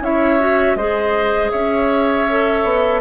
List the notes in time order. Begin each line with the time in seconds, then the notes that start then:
0.00 C#4 E4 C#5 E5
0.39 F#4
0.75 G#3 G#4 C5 D#5
1.51 C#4 C#5 E5
2.29 A4
2.64 B3